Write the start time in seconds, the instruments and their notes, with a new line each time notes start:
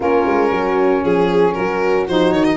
0.00 tuba A#3, saxophone C#4, horn F4, violin A#4
0.25 tuba G#3
0.51 tuba F#3, horn F#4
1.03 tuba F3, violin G#4, horn G#4
1.53 tuba F#3, horn F#4, violin A#4
2.08 tuba F3, saxophone D#4, violin C5
2.32 tuba D#3, violin C#5
2.44 violin D#5